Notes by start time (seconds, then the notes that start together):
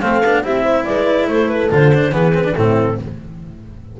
0.00 A3 C4 A4 F5
0.21 B3 D4
0.43 C4 E4 G4 E5
0.62 C5
0.84 G#3 B4 D5
1.28 A3 A4 C5
1.48 B4
1.70 D3 F4 C5
1.94 D4
2.11 E3 B3 G#4 B4
2.34 C4
2.44 D4
2.53 A2 C4 E4 A4